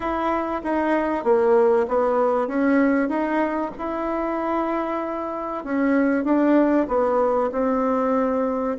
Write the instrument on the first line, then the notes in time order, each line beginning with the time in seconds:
bassoon
0.00 E4
0.63 D#4
1.24 A#3
1.88 B3
2.47 C#4
3.09 D#4
3.78 E4
5.64 C#4
6.24 D4
6.88 B3
7.52 C4